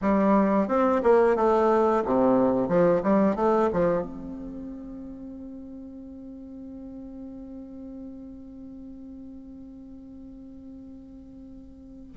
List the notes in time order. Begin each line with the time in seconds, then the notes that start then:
0.01 G3
0.67 C4
1.03 A#3
1.35 A3
2.05 C3
2.68 F3
3.03 G3
3.35 A3
3.73 F3
4.02 C4